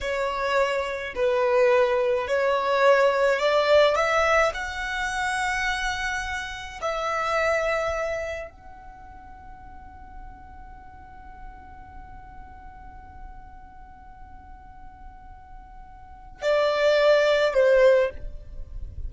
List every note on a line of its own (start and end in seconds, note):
0.01 1.14 C#5
1.15 2.27 B4
2.27 3.39 C#5
3.39 3.95 D5
3.95 4.52 E5
4.53 6.80 F#5
6.81 8.50 E5
8.50 16.42 F#5
16.42 17.53 D5
17.53 18.10 C5